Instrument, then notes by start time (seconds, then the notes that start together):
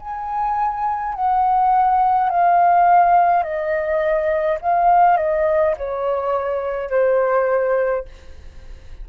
flute
0.00 G#5
1.15 F#5
2.30 F5
3.44 D#5
4.62 F5
5.18 D#5
5.78 C#5
6.90 C5